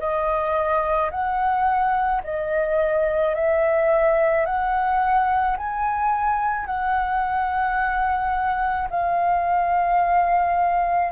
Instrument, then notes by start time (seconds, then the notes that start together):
flute
0.00 D#5
1.11 F#5
2.24 D#5
3.35 E5
4.46 F#5
5.58 G#5
6.67 F#5
8.90 F5